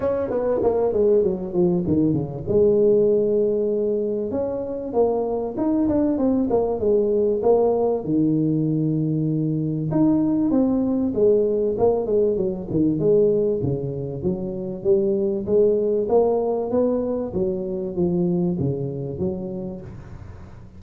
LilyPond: \new Staff \with { instrumentName = "tuba" } { \time 4/4 \tempo 4 = 97 cis'8 b8 ais8 gis8 fis8 f8 dis8 cis8 | gis2. cis'4 | ais4 dis'8 d'8 c'8 ais8 gis4 | ais4 dis2. |
dis'4 c'4 gis4 ais8 gis8 | fis8 dis8 gis4 cis4 fis4 | g4 gis4 ais4 b4 | fis4 f4 cis4 fis4 | }